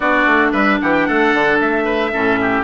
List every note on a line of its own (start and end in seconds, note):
0.00 0.26 B3
0.00 2.12 D4
0.00 0.52 F#4
0.00 0.51 D5
0.26 0.52 A3
0.52 0.80 G3
0.52 0.78 B4
0.52 0.79 E5
0.81 1.08 E3
0.81 1.07 G4
0.81 0.93 F#5
0.93 1.06 G5
1.06 1.34 A3
1.06 1.84 A4
1.06 1.59 F#5
1.34 1.60 D3
1.60 2.13 A3
1.60 2.64 E5
1.84 2.11 B4
2.12 2.64 A2
2.12 2.64 C#4
2.12 2.39 A4
2.41 2.64 G4